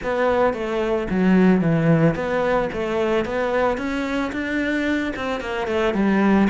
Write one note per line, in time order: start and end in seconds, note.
0.03 0.53 B3
0.53 1.07 A3
1.10 1.61 F#3
1.61 2.15 E3
2.15 2.69 B3
2.72 3.25 A3
3.25 3.77 B3
3.77 4.31 C#4
4.32 5.13 D4
5.15 5.40 C4
5.40 5.67 A#3
5.67 5.94 A3
5.94 6.48 G3